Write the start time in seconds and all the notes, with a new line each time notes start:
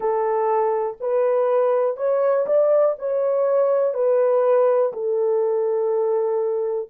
0.00 A4
1.00 B4
1.96 C#5
2.46 D5
2.99 C#5
3.93 B4
4.92 A4